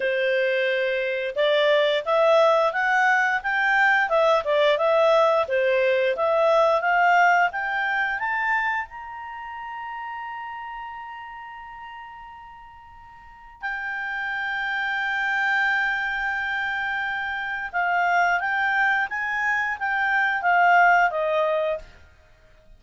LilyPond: \new Staff \with { instrumentName = "clarinet" } { \time 4/4 \tempo 4 = 88 c''2 d''4 e''4 | fis''4 g''4 e''8 d''8 e''4 | c''4 e''4 f''4 g''4 | a''4 ais''2.~ |
ais''1 | g''1~ | g''2 f''4 g''4 | gis''4 g''4 f''4 dis''4 | }